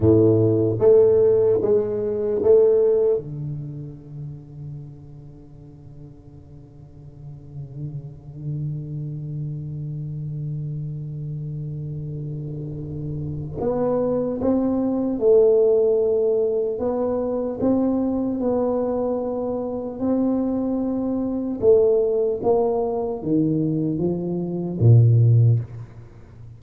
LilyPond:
\new Staff \with { instrumentName = "tuba" } { \time 4/4 \tempo 4 = 75 a,4 a4 gis4 a4 | d1~ | d1~ | d1~ |
d4 b4 c'4 a4~ | a4 b4 c'4 b4~ | b4 c'2 a4 | ais4 dis4 f4 ais,4 | }